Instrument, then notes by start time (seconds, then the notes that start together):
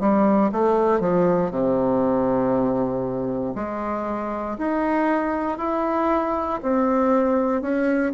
bassoon
0.00 G3
0.52 A3
1.00 F3
1.51 C3
3.55 G#3
4.58 D#4
5.58 E4
6.62 C4
7.61 C#4